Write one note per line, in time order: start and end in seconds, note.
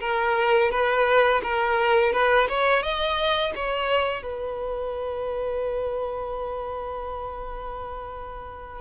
0.00 0.71 A#4
0.71 1.41 B4
1.43 2.12 A#4
2.12 2.47 B4
2.48 2.82 C#5
2.82 3.53 D#5
3.55 4.22 C#5
4.22 8.80 B4